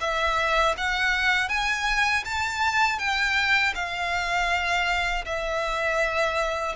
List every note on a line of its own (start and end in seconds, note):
0.00 0.75 E5
0.77 1.49 F#5
1.49 2.24 G#5
2.25 2.98 A5
2.98 3.73 G5
3.74 5.24 F5
5.25 6.75 E5